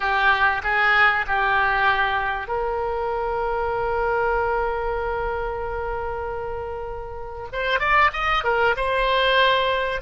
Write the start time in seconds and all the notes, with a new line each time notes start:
0.00 G4
0.63 G#4
1.27 G4
2.47 A#4
7.52 C5
7.79 D5
8.12 D#5
8.43 A#4
8.76 C5